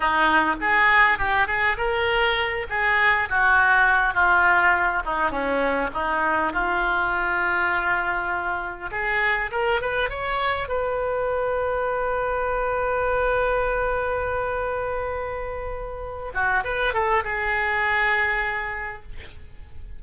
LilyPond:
\new Staff \with { instrumentName = "oboe" } { \time 4/4 \tempo 4 = 101 dis'4 gis'4 g'8 gis'8 ais'4~ | ais'8 gis'4 fis'4. f'4~ | f'8 dis'8 cis'4 dis'4 f'4~ | f'2. gis'4 |
ais'8 b'8 cis''4 b'2~ | b'1~ | b'2.~ b'8 fis'8 | b'8 a'8 gis'2. | }